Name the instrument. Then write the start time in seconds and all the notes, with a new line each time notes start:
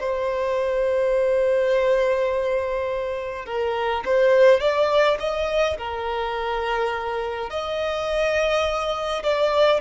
violin
0.00 C5
3.46 A#4
4.05 C5
4.60 D5
5.19 D#5
5.77 A#4
7.49 D#5
9.23 D5